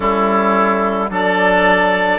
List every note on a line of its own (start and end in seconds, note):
0.00 1.09 G3
0.00 1.09 C#4
0.00 1.10 E4
0.00 1.11 A4
1.09 2.19 F#3
1.09 2.19 D4
1.09 2.19 A4
1.09 2.19 D5